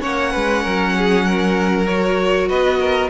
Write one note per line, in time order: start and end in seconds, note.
0.00 0.34 A#3
0.00 1.86 C#4
0.00 0.31 C#5
0.00 1.86 F#5
0.31 0.65 G#3
0.31 0.62 B4
0.62 2.49 F#3
0.62 0.93 A#4
0.97 1.26 G#4
1.26 2.48 A#4
1.86 3.09 F#4
1.86 2.48 C#5
2.48 3.10 B3
2.48 2.79 B4
2.48 3.10 D#5
2.79 3.10 A#4